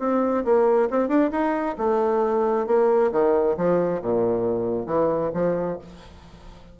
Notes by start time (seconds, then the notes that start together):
0.00 C4
0.45 A#3
0.90 C4
1.08 D4
1.32 D#4
1.78 A3
2.67 A#3
3.12 D#3
3.57 F3
4.02 A#2
4.86 E3
5.34 F3